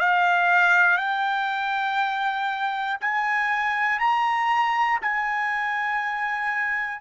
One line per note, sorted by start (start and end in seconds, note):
0.00 0.98 F5
0.98 2.98 G5
3.00 4.00 G#5
4.00 5.00 A#5
5.02 7.01 G#5